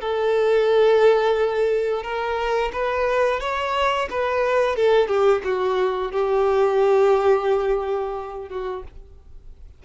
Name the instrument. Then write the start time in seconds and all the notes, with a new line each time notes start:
violin
0.00 A4
2.03 A#4
2.72 B4
3.40 C#5
4.10 B4
4.75 A4
5.07 G4
5.44 F#4
6.11 G4
8.49 F#4